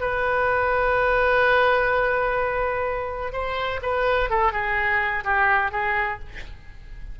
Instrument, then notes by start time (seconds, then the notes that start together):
oboe
0.00 B4
3.32 C5
3.82 B4
4.30 A4
4.52 G#4
5.24 G4
5.71 G#4